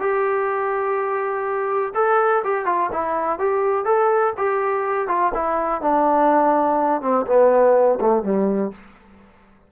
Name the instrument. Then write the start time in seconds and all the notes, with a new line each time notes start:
trombone
0.00 G4
1.95 A4
2.44 G4
2.66 F4
2.93 E4
3.39 G4
3.86 A4
4.38 G4
5.08 F4
5.35 E4
5.82 D4
7.02 C4
7.27 B3
8.01 A3
8.23 G3